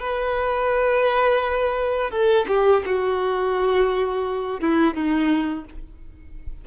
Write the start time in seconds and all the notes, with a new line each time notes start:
0.00 B4
2.11 A4
2.48 G4
2.86 F#4
4.61 E4
4.94 D#4